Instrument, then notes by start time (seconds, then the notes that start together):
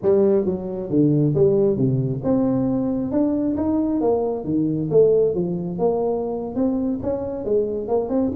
tuba
0.02 G3
0.45 F#3
0.90 D3
1.34 G3
1.76 C3
2.23 C4
3.11 D4
3.57 D#4
4.01 A#3
4.44 D#3
4.90 A3
5.34 F3
5.78 A#3
6.55 C4
7.02 C#4
7.44 G#3
7.88 A#3
8.09 C4